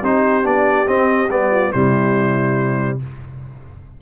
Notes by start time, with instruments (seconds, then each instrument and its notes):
0.00 tuba C4, trombone D#4, horn G4, trumpet C5
0.43 tuba B3, trombone D4, trumpet D5
0.86 trombone C4, tuba C4, trumpet D#5
1.29 tuba G3, trombone B3, trumpet D5
1.50 horn F4
1.72 tuba C3, trombone G3, horn E4, trumpet C5